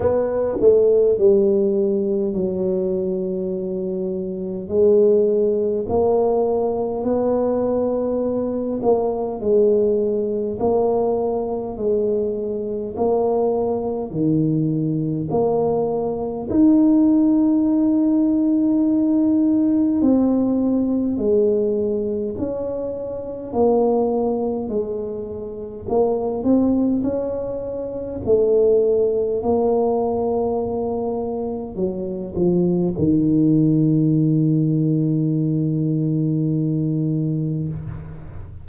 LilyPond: \new Staff \with { instrumentName = "tuba" } { \time 4/4 \tempo 4 = 51 b8 a8 g4 fis2 | gis4 ais4 b4. ais8 | gis4 ais4 gis4 ais4 | dis4 ais4 dis'2~ |
dis'4 c'4 gis4 cis'4 | ais4 gis4 ais8 c'8 cis'4 | a4 ais2 fis8 f8 | dis1 | }